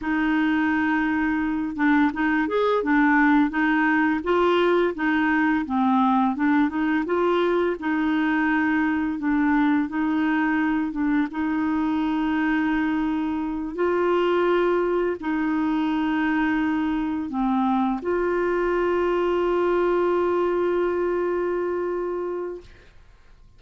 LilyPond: \new Staff \with { instrumentName = "clarinet" } { \time 4/4 \tempo 4 = 85 dis'2~ dis'8 d'8 dis'8 gis'8 | d'4 dis'4 f'4 dis'4 | c'4 d'8 dis'8 f'4 dis'4~ | dis'4 d'4 dis'4. d'8 |
dis'2.~ dis'8 f'8~ | f'4. dis'2~ dis'8~ | dis'8 c'4 f'2~ f'8~ | f'1 | }